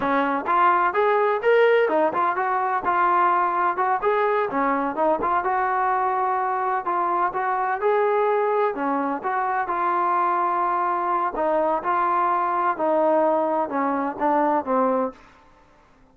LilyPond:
\new Staff \with { instrumentName = "trombone" } { \time 4/4 \tempo 4 = 127 cis'4 f'4 gis'4 ais'4 | dis'8 f'8 fis'4 f'2 | fis'8 gis'4 cis'4 dis'8 f'8 fis'8~ | fis'2~ fis'8 f'4 fis'8~ |
fis'8 gis'2 cis'4 fis'8~ | fis'8 f'2.~ f'8 | dis'4 f'2 dis'4~ | dis'4 cis'4 d'4 c'4 | }